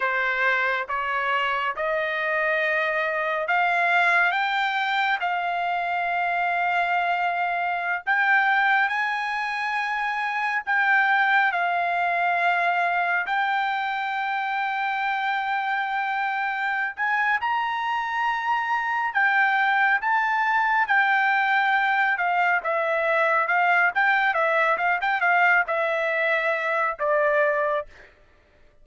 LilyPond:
\new Staff \with { instrumentName = "trumpet" } { \time 4/4 \tempo 4 = 69 c''4 cis''4 dis''2 | f''4 g''4 f''2~ | f''4~ f''16 g''4 gis''4.~ gis''16~ | gis''16 g''4 f''2 g''8.~ |
g''2.~ g''8 gis''8 | ais''2 g''4 a''4 | g''4. f''8 e''4 f''8 g''8 | e''8 f''16 g''16 f''8 e''4. d''4 | }